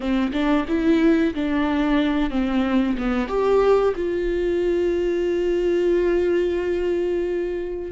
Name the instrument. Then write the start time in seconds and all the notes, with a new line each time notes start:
viola
0.00 C4
0.32 D4
0.68 E4
1.34 D4
2.30 C4
2.97 B3
3.28 G4
3.96 F4